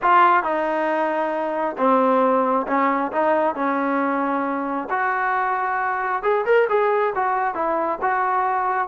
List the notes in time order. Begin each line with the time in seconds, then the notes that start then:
0.02 F4
0.43 D#4
1.77 C4
2.67 C#4
3.12 D#4
3.55 C#4
4.90 F#4
6.22 G#4
6.45 A#4
6.69 G#4
7.15 F#4
7.54 E4
8.01 F#4